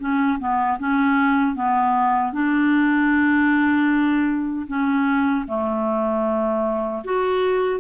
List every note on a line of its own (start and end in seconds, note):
0.00 0.39 C#4
0.40 0.79 B3
0.79 1.56 C#4
1.56 2.33 B3
2.33 4.67 D4
4.68 5.46 C#4
5.48 7.03 A3
7.04 7.81 F#4